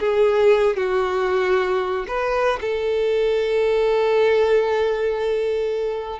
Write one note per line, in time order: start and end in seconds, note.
0.00 0.77 G#4
0.77 2.06 F#4
2.08 2.60 B4
2.61 6.20 A4